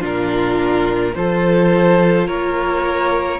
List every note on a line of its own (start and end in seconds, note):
0.00 1.15 A#2
0.00 1.14 D4
0.00 1.13 F4
0.00 1.15 A#4
1.15 2.28 F3
1.15 3.39 F4
1.15 2.27 A4
1.15 2.28 C5
2.27 3.39 A#3
2.27 3.39 A#4
2.27 3.39 C#5